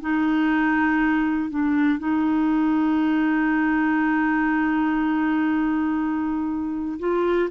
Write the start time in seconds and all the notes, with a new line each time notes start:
0.00 D#4
1.50 D4
1.99 D#4
6.99 F4